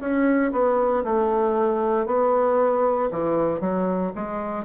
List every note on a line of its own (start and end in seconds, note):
0.00 0.52 C#4
0.52 1.03 B3
1.04 2.06 A3
2.06 3.10 B3
3.11 3.60 E3
3.60 4.12 F#3
4.15 4.65 G#3